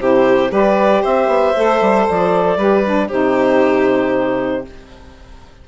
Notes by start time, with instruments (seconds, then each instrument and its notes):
0.00 bassoon C3, saxophone E4, violin G4, clarinet C5
0.50 bassoon G3, saxophone G4, violin B4, clarinet D5
1.02 bassoon C4, violin C5, clarinet E5
1.27 bassoon B3
1.57 bassoon A3, saxophone A4
1.81 bassoon G3
2.10 bassoon F3, clarinet D5
2.57 bassoon G3, saxophone G4, violin B4
2.85 saxophone D4
3.08 bassoon C3, saxophone D#4, violin G4, clarinet C5